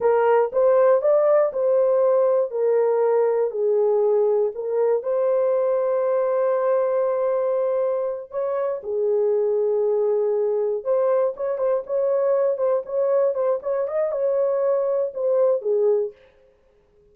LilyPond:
\new Staff \with { instrumentName = "horn" } { \time 4/4 \tempo 4 = 119 ais'4 c''4 d''4 c''4~ | c''4 ais'2 gis'4~ | gis'4 ais'4 c''2~ | c''1~ |
c''8 cis''4 gis'2~ gis'8~ | gis'4. c''4 cis''8 c''8 cis''8~ | cis''4 c''8 cis''4 c''8 cis''8 dis''8 | cis''2 c''4 gis'4 | }